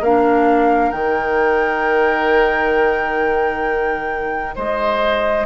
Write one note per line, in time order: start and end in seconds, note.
0.00 0.91 A#3
0.00 0.94 D4
0.00 4.55 A#4
0.00 0.91 F5
0.91 4.55 D#3
0.91 5.45 D#4
0.91 4.55 G5
4.55 5.45 G#3
4.55 5.45 C5
4.55 5.45 D#5